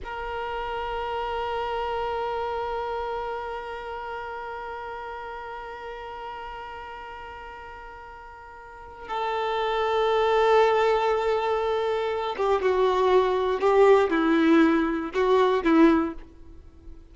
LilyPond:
\new Staff \with { instrumentName = "violin" } { \time 4/4 \tempo 4 = 119 ais'1~ | ais'1~ | ais'1~ | ais'1~ |
ais'2 a'2~ | a'1~ | a'8 g'8 fis'2 g'4 | e'2 fis'4 e'4 | }